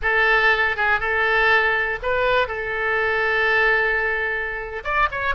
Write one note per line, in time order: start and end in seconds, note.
0.02 0.76 A4
0.76 1.00 G#4
1.00 1.99 A4
2.02 2.47 B4
2.47 4.83 A4
4.83 5.08 D5
5.11 5.34 C#5